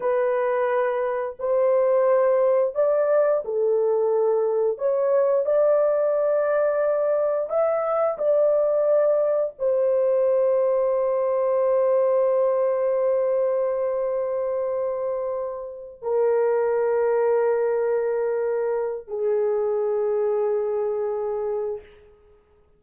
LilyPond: \new Staff \with { instrumentName = "horn" } { \time 4/4 \tempo 4 = 88 b'2 c''2 | d''4 a'2 cis''4 | d''2. e''4 | d''2 c''2~ |
c''1~ | c''2.~ c''8 ais'8~ | ais'1 | gis'1 | }